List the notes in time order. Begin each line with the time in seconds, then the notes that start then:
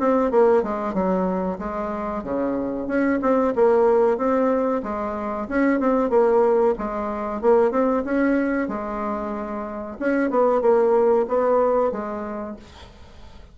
0.00 C4
0.31 A#3
0.63 G#3
0.94 F#3
1.59 G#3
2.24 C#3
2.88 C#4
3.22 C4
3.56 A#3
4.18 C4
4.83 G#3
5.49 C#4
5.80 C4
6.10 A#3
6.79 G#3
7.42 A#3
7.71 C4
8.05 C#4
8.69 G#3
10.00 C#4
10.31 B3
10.62 A#3
11.28 B3
11.92 G#3